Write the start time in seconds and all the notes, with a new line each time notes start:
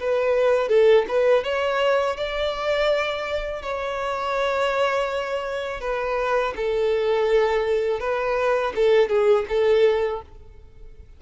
0.00 B4
0.69 A4
1.08 B4
1.44 C#5
2.17 D5
3.62 C#5
5.80 B4
6.56 A4
8.00 B4
8.75 A4
9.09 G#4
9.49 A4